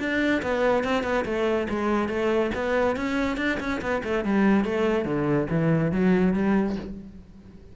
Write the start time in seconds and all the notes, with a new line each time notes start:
0.00 D4
0.43 B3
0.84 C4
1.04 B3
1.26 A3
1.70 G#3
2.09 A3
2.55 B3
2.97 C#4
3.38 D4
3.60 C#4
3.82 B3
4.04 A3
4.25 G3
4.65 A3
5.06 D3
5.50 E3
5.93 F#3
6.34 G3